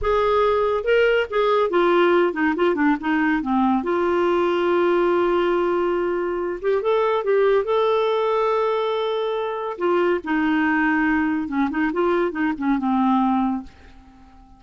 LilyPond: \new Staff \with { instrumentName = "clarinet" } { \time 4/4 \tempo 4 = 141 gis'2 ais'4 gis'4 | f'4. dis'8 f'8 d'8 dis'4 | c'4 f'2.~ | f'2.~ f'8 g'8 |
a'4 g'4 a'2~ | a'2. f'4 | dis'2. cis'8 dis'8 | f'4 dis'8 cis'8 c'2 | }